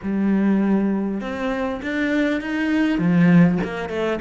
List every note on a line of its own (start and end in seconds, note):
0.02 1.20 G3
1.20 1.80 C4
1.82 2.41 D4
2.41 2.98 D#4
2.98 3.58 F3
3.64 3.89 A#3
3.89 4.19 A3